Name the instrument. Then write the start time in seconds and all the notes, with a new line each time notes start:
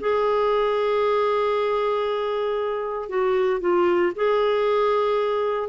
clarinet
0.00 G#4
3.09 F#4
3.60 F4
4.15 G#4